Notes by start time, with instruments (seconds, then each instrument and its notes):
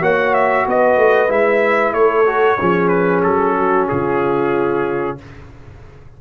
0.00 tuba A#3, trombone F#4, horn C#5, trumpet F#5
0.33 trumpet E5
0.66 tuba B3, horn B4, trumpet D#5
0.97 tuba A3
1.28 tuba G#3, trombone E4, trumpet E5
1.93 tuba A3, horn A4, trumpet C#5
2.26 trombone F#4
2.58 tuba F3, trombone C#4, horn G#4
2.88 trumpet B4
3.22 tuba F#3, trumpet A4
3.56 horn F#4
3.88 tuba C#3, horn F4, trumpet G#4